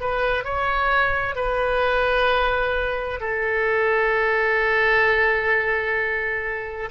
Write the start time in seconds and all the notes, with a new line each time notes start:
0.00 B4
0.44 C#5
1.35 B4
3.20 A4